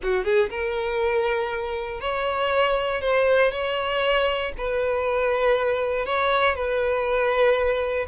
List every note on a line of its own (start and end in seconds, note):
0.03 0.24 F#4
0.24 0.49 G#4
0.50 2.00 A#4
2.00 3.01 C#5
3.01 3.51 C5
3.51 4.52 C#5
4.57 6.05 B4
6.05 6.55 C#5
6.55 8.06 B4